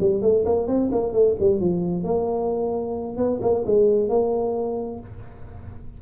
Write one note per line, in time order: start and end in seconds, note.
0.00 0.22 G3
0.22 0.44 A3
0.45 0.67 A#3
0.67 0.90 C4
0.92 1.12 A#3
1.12 1.35 A3
1.39 1.60 G3
1.60 2.04 F3
2.04 3.17 A#3
3.17 3.39 B3
3.41 3.64 A#3
3.66 4.09 G#3
4.09 5.00 A#3